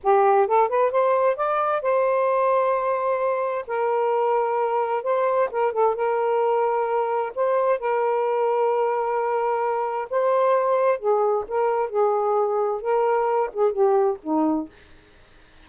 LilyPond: \new Staff \with { instrumentName = "saxophone" } { \time 4/4 \tempo 4 = 131 g'4 a'8 b'8 c''4 d''4 | c''1 | ais'2. c''4 | ais'8 a'8 ais'2. |
c''4 ais'2.~ | ais'2 c''2 | gis'4 ais'4 gis'2 | ais'4. gis'8 g'4 dis'4 | }